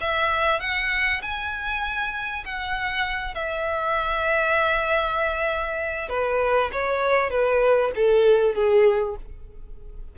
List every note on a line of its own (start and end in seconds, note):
0.00 0.60 E5
0.60 1.21 F#5
1.21 2.44 G#5
2.44 3.34 F#5
3.34 6.09 E5
6.09 6.70 B4
6.72 7.30 C#5
7.30 7.91 B4
7.95 8.54 A4
8.54 9.16 G#4